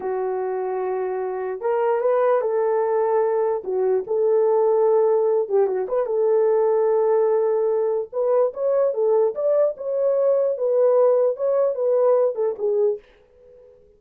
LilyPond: \new Staff \with { instrumentName = "horn" } { \time 4/4 \tempo 4 = 148 fis'1 | ais'4 b'4 a'2~ | a'4 fis'4 a'2~ | a'4. g'8 fis'8 b'8 a'4~ |
a'1 | b'4 cis''4 a'4 d''4 | cis''2 b'2 | cis''4 b'4. a'8 gis'4 | }